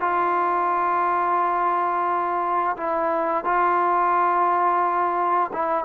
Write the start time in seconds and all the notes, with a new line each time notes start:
0.00 F4
2.76 E4
3.44 F4
5.53 E4